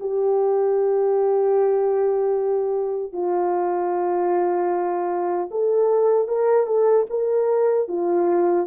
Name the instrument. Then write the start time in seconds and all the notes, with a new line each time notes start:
horn
0.00 G4
3.13 F4
5.51 A4
6.28 A#4
6.66 A4
7.09 A#4
7.88 F4